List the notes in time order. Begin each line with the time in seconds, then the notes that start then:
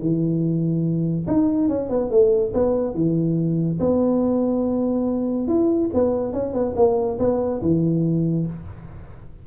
0.00 E3
1.28 D#4
1.69 C#4
1.90 B3
2.11 A3
2.54 B3
2.95 E3
3.80 B3
5.48 E4
5.94 B3
6.33 C#4
6.54 B3
6.77 A#3
7.19 B3
7.62 E3